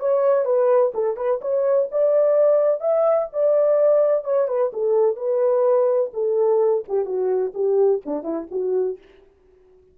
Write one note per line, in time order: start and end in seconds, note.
0.00 0.45 C#5
0.45 0.92 B4
0.94 1.16 A4
1.16 1.40 B4
1.41 1.89 C#5
1.91 2.81 D5
2.81 3.28 E5
3.33 4.24 D5
4.24 4.48 C#5
4.48 4.71 B4
4.73 5.16 A4
5.16 6.11 B4
6.14 6.84 A4
6.88 7.05 G4
7.05 7.53 F#4
7.54 8.01 G4
8.05 8.23 D4
8.23 8.47 E4
8.51 8.98 F#4